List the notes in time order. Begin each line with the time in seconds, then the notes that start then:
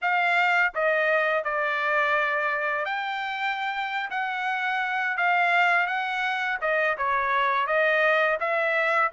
0.01 F5
0.74 D#5
1.44 D5
2.85 G5
4.10 F#5
5.17 F5
5.86 F#5
6.61 D#5
6.97 C#5
7.66 D#5
8.40 E5